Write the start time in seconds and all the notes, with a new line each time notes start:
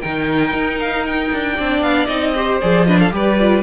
0.00 D#3 D#4 A#4 G5
0.53 D#4
0.80 F5
1.06 G5
1.32 D4
1.55 C4 D4 D5
1.82 B3 F5
2.06 C4 D#4 D#5
2.35 G4 C5
2.60 F3 G#4 D5
2.85 D4 B4 D#5
2.99 A4 F5
3.10 G3 G4 B4 D5
3.40 F4